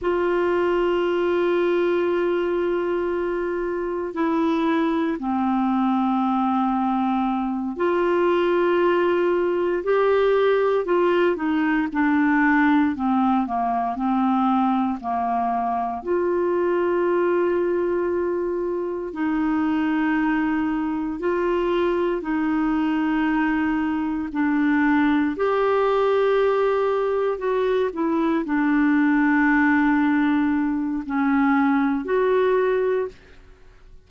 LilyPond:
\new Staff \with { instrumentName = "clarinet" } { \time 4/4 \tempo 4 = 58 f'1 | e'4 c'2~ c'8 f'8~ | f'4. g'4 f'8 dis'8 d'8~ | d'8 c'8 ais8 c'4 ais4 f'8~ |
f'2~ f'8 dis'4.~ | dis'8 f'4 dis'2 d'8~ | d'8 g'2 fis'8 e'8 d'8~ | d'2 cis'4 fis'4 | }